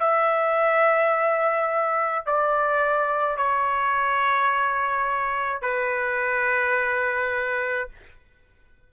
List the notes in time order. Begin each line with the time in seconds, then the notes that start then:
0.00 E5
2.26 D5
3.38 C#5
5.62 B4